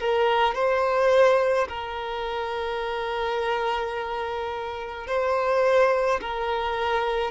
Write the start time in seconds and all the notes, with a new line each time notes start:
0.00 A#4
0.55 C5
1.69 A#4
5.07 C5
6.22 A#4